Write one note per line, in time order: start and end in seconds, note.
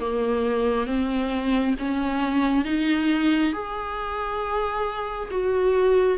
0.00 0.86 A#3
0.86 1.74 C4
1.79 2.65 C#4
2.65 3.53 D#4
3.53 5.29 G#4
5.31 6.18 F#4